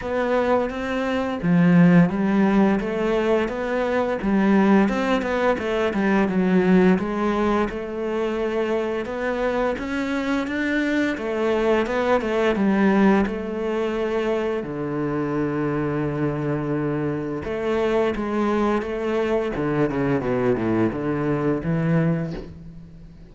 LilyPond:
\new Staff \with { instrumentName = "cello" } { \time 4/4 \tempo 4 = 86 b4 c'4 f4 g4 | a4 b4 g4 c'8 b8 | a8 g8 fis4 gis4 a4~ | a4 b4 cis'4 d'4 |
a4 b8 a8 g4 a4~ | a4 d2.~ | d4 a4 gis4 a4 | d8 cis8 b,8 a,8 d4 e4 | }